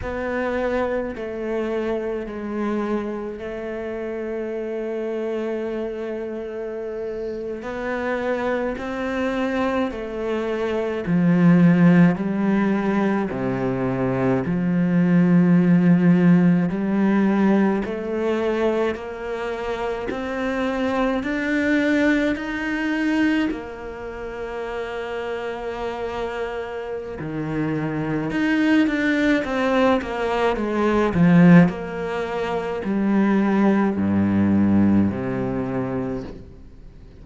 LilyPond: \new Staff \with { instrumentName = "cello" } { \time 4/4 \tempo 4 = 53 b4 a4 gis4 a4~ | a2~ a8. b4 c'16~ | c'8. a4 f4 g4 c16~ | c8. f2 g4 a16~ |
a8. ais4 c'4 d'4 dis'16~ | dis'8. ais2.~ ais16 | dis4 dis'8 d'8 c'8 ais8 gis8 f8 | ais4 g4 g,4 c4 | }